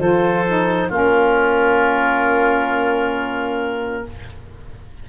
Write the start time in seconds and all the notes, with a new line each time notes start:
0.00 F3 F4 A4 C5
0.48 D#4
0.89 A#3 C#4 F4
0.96 A#4